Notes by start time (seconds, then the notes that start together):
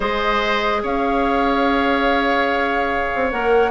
0.00 G#3 G#4 C5 D#5
0.82 C#4 C#5 F5
3.14 C4
3.30 A#3 A#4 F#5